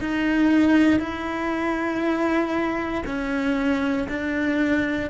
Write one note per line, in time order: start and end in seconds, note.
0.00 0.99 D#4
0.99 3.02 E4
3.06 4.07 C#4
4.08 5.09 D4